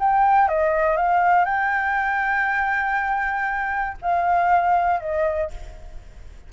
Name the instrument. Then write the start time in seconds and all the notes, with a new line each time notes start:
flute
0.00 G5
0.49 D#5
0.97 F5
1.45 G5
4.02 F5
5.00 D#5